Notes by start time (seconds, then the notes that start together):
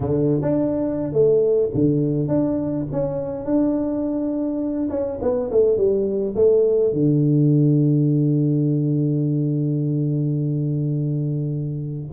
0.00 D3
0.41 D4
1.12 A3
1.74 D3
2.28 D4
2.91 C#4
3.45 D4
4.90 C#4
5.21 B3
5.51 A3
5.77 G3
6.35 A3
6.92 D3